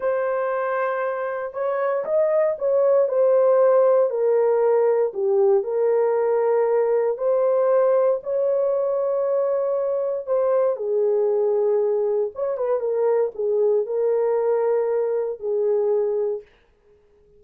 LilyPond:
\new Staff \with { instrumentName = "horn" } { \time 4/4 \tempo 4 = 117 c''2. cis''4 | dis''4 cis''4 c''2 | ais'2 g'4 ais'4~ | ais'2 c''2 |
cis''1 | c''4 gis'2. | cis''8 b'8 ais'4 gis'4 ais'4~ | ais'2 gis'2 | }